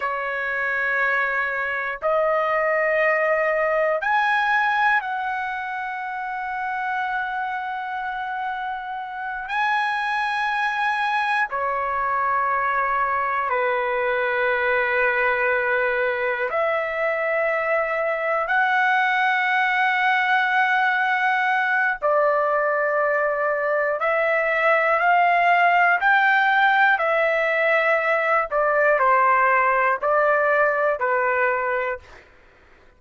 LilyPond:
\new Staff \with { instrumentName = "trumpet" } { \time 4/4 \tempo 4 = 60 cis''2 dis''2 | gis''4 fis''2.~ | fis''4. gis''2 cis''8~ | cis''4. b'2~ b'8~ |
b'8 e''2 fis''4.~ | fis''2 d''2 | e''4 f''4 g''4 e''4~ | e''8 d''8 c''4 d''4 b'4 | }